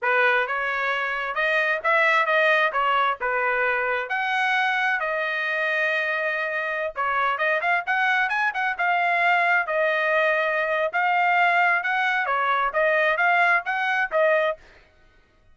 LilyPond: \new Staff \with { instrumentName = "trumpet" } { \time 4/4 \tempo 4 = 132 b'4 cis''2 dis''4 | e''4 dis''4 cis''4 b'4~ | b'4 fis''2 dis''4~ | dis''2.~ dis''16 cis''8.~ |
cis''16 dis''8 f''8 fis''4 gis''8 fis''8 f''8.~ | f''4~ f''16 dis''2~ dis''8. | f''2 fis''4 cis''4 | dis''4 f''4 fis''4 dis''4 | }